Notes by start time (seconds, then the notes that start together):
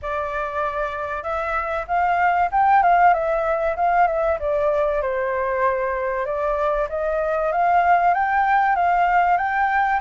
0.01 D5
1.23 E5
1.87 F5
2.51 G5
2.82 F5
3.13 E5
3.76 F5
4.07 E5
4.39 D5
5.01 C5
6.25 D5
6.89 D#5
7.52 F5
8.13 G5
8.75 F5
9.37 G5